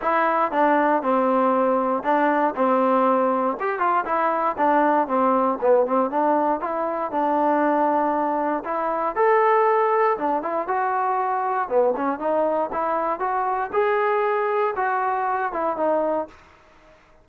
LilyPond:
\new Staff \with { instrumentName = "trombone" } { \time 4/4 \tempo 4 = 118 e'4 d'4 c'2 | d'4 c'2 g'8 f'8 | e'4 d'4 c'4 b8 c'8 | d'4 e'4 d'2~ |
d'4 e'4 a'2 | d'8 e'8 fis'2 b8 cis'8 | dis'4 e'4 fis'4 gis'4~ | gis'4 fis'4. e'8 dis'4 | }